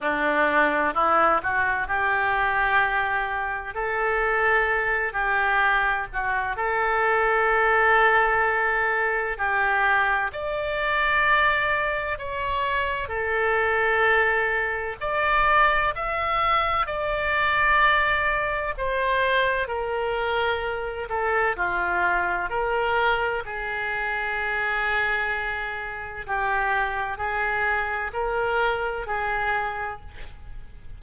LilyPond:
\new Staff \with { instrumentName = "oboe" } { \time 4/4 \tempo 4 = 64 d'4 e'8 fis'8 g'2 | a'4. g'4 fis'8 a'4~ | a'2 g'4 d''4~ | d''4 cis''4 a'2 |
d''4 e''4 d''2 | c''4 ais'4. a'8 f'4 | ais'4 gis'2. | g'4 gis'4 ais'4 gis'4 | }